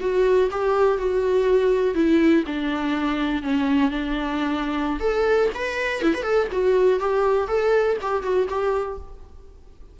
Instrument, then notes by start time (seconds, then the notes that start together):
viola
0.00 F#4
0.51 G4
0.98 F#4
1.95 E4
2.47 D4
3.43 C#4
3.91 D4
5.00 A4
5.54 B4
6.02 E4
6.14 B4
6.23 A4
6.52 F#4
7.00 G4
7.48 A4
8.01 G4
8.23 F#4
8.49 G4